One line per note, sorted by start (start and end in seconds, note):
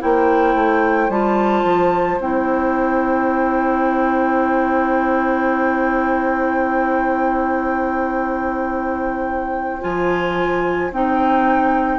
0.00 0.55 A#3
0.00 1.09 E4
0.00 11.98 C5
0.00 1.10 G5
0.55 1.09 A3
1.09 1.64 G3
1.09 2.20 F4
1.09 2.20 A5
1.64 2.18 F3
2.20 9.83 C4
2.20 9.81 E4
2.20 9.82 G5
9.81 10.92 F3
9.81 10.90 F4
9.81 10.91 G#5
10.92 11.98 C4
10.92 11.98 D#4
10.92 11.98 G5